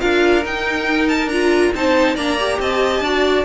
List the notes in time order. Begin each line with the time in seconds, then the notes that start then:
0.00 D4 F4 A#4 F5
0.45 D#4 G5
1.09 A5
1.27 D4 F4 A#5
1.75 C4 D#4 C5 A5
2.15 A#3 D4 D5 A#5
2.39 G4
2.60 C4 D#5 A5
3.01 D4 F#4 D5